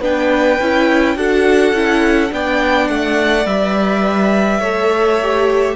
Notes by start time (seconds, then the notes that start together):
0.00 B3 D4 B4 G5
0.60 C#4 E4
1.15 D4 F#4 A4 F#5
1.73 C#4 E4
2.29 B3 D4 D5 G5
2.88 A3 F#5
3.46 G3 B4 E5
4.60 A3 A4 C#5
5.21 G4